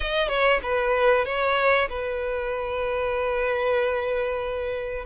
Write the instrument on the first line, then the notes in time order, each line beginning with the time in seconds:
violin
0.00 D#5
0.28 C#5
0.63 B4
1.25 C#5
1.89 B4